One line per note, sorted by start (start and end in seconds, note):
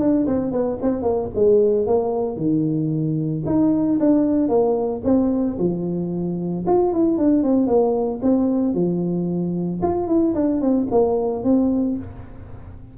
0.00 0.27 D4
0.27 0.52 C4
0.52 0.79 B3
0.82 1.03 C4
1.03 1.29 A#3
1.35 1.87 G#3
1.87 2.37 A#3
2.37 3.43 D#3
3.46 3.99 D#4
4.00 4.49 D4
4.49 5.02 A#3
5.05 5.58 C4
5.59 6.65 F3
6.67 6.93 F4
6.93 7.18 E4
7.18 7.43 D4
7.43 7.67 C4
7.67 8.20 A#3
8.23 8.75 C4
8.75 9.81 F3
9.83 10.08 F4
10.08 10.34 E4
10.35 10.61 D4
10.61 10.88 C4
10.91 11.44 A#3
11.44 11.97 C4